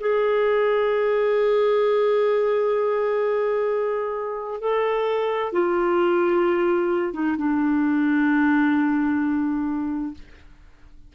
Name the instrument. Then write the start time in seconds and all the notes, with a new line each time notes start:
clarinet
0.00 G#4
4.60 A4
5.52 F4
7.13 D#4
7.37 D4